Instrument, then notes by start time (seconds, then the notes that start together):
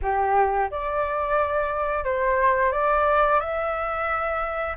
flute
0.02 G4
0.70 D5
2.04 C5
2.72 D5
3.40 E5